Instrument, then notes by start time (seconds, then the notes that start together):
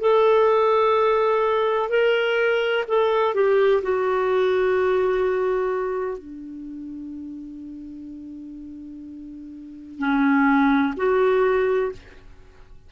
clarinet
0.00 A4
1.89 A#4
2.87 A4
3.34 G4
3.82 F#4
6.18 D4
9.98 C#4
10.97 F#4